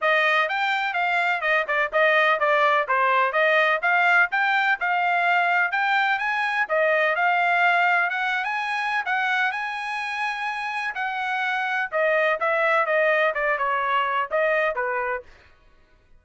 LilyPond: \new Staff \with { instrumentName = "trumpet" } { \time 4/4 \tempo 4 = 126 dis''4 g''4 f''4 dis''8 d''8 | dis''4 d''4 c''4 dis''4 | f''4 g''4 f''2 | g''4 gis''4 dis''4 f''4~ |
f''4 fis''8. gis''4~ gis''16 fis''4 | gis''2. fis''4~ | fis''4 dis''4 e''4 dis''4 | d''8 cis''4. dis''4 b'4 | }